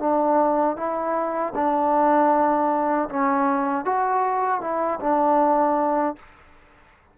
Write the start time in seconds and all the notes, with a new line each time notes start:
0.00 D4
0.77 E4
1.55 D4
3.09 C#4
3.85 F#4
4.61 E4
5.00 D4